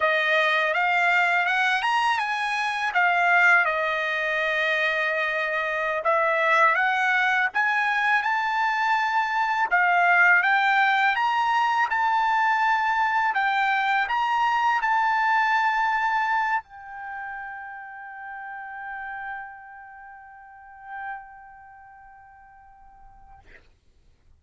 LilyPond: \new Staff \with { instrumentName = "trumpet" } { \time 4/4 \tempo 4 = 82 dis''4 f''4 fis''8 ais''8 gis''4 | f''4 dis''2.~ | dis''16 e''4 fis''4 gis''4 a''8.~ | a''4~ a''16 f''4 g''4 ais''8.~ |
ais''16 a''2 g''4 ais''8.~ | ais''16 a''2~ a''8 g''4~ g''16~ | g''1~ | g''1 | }